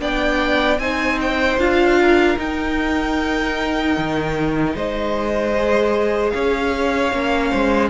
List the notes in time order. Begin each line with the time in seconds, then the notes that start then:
0.00 B3 D4 D5 G5
0.79 C4 D#4 C5 G#5
1.21 G5
1.58 D4 F4 F5
2.01 A#4
2.38 D#4 G5
3.98 D#3
4.75 G#3 C5 D#5
5.58 G#4
6.31 C#4 C#5 F5
7.13 A#3 C#4
7.51 G#3 C5